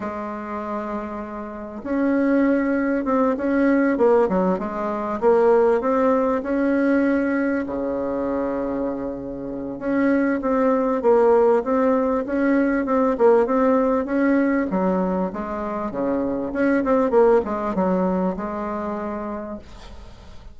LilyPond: \new Staff \with { instrumentName = "bassoon" } { \time 4/4 \tempo 4 = 98 gis2. cis'4~ | cis'4 c'8 cis'4 ais8 fis8 gis8~ | gis8 ais4 c'4 cis'4.~ | cis'8 cis2.~ cis8 |
cis'4 c'4 ais4 c'4 | cis'4 c'8 ais8 c'4 cis'4 | fis4 gis4 cis4 cis'8 c'8 | ais8 gis8 fis4 gis2 | }